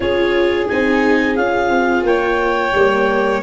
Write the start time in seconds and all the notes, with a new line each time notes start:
0.00 C#4 F4 G#4 C#5
0.68 C4 D#4 G#5
1.35 C#4 F4 F5
1.69 C4
2.03 A#3 C#5 G5
2.74 G3 A#3